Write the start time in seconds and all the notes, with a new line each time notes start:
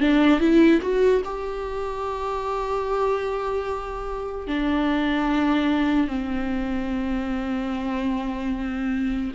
0.00 D4
0.39 E4
0.81 F#4
1.24 G4
4.47 D4
6.07 C4